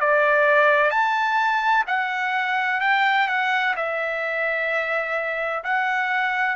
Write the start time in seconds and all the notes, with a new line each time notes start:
0.00 D5
0.90 A5
1.87 F#5
2.81 G5
3.28 F#5
3.76 E5
5.64 F#5